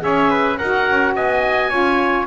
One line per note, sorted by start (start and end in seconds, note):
0.00 0.59 C#4
0.00 0.56 G#4
0.00 0.30 C#5
0.00 0.58 E5
0.30 0.58 B4
0.58 0.90 D#4
0.58 1.71 F#4
0.58 1.15 A#4
0.58 1.14 F#5
0.90 1.16 C#4
1.16 1.72 B3
1.16 1.70 D#5
1.16 2.27 G#5
1.70 2.27 C#4
1.70 2.27 F4
1.70 2.26 C#5